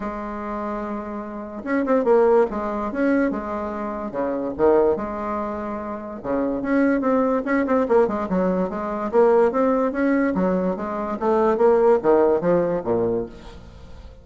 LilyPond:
\new Staff \with { instrumentName = "bassoon" } { \time 4/4 \tempo 4 = 145 gis1 | cis'8 c'8 ais4 gis4 cis'4 | gis2 cis4 dis4 | gis2. cis4 |
cis'4 c'4 cis'8 c'8 ais8 gis8 | fis4 gis4 ais4 c'4 | cis'4 fis4 gis4 a4 | ais4 dis4 f4 ais,4 | }